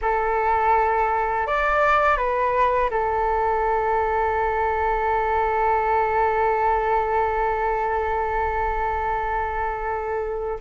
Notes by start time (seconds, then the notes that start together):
0.01 A4
1.46 D5
2.17 B4
2.90 A4